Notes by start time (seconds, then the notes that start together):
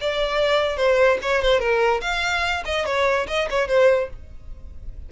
0.00 D5
0.76 C5
1.22 C#5
1.42 C5
1.59 A#4
2.01 F5
2.65 D#5
2.85 C#5
3.27 D#5
3.50 C#5
3.68 C5